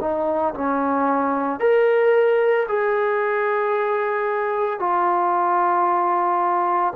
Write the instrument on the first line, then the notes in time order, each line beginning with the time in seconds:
trombone
0.00 D#4
0.55 C#4
1.60 A#4
2.68 G#4
4.80 F4